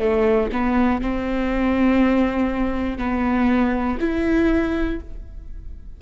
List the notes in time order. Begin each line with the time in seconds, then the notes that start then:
0.00 A3
0.52 B3
1.02 C4
2.98 B3
4.00 E4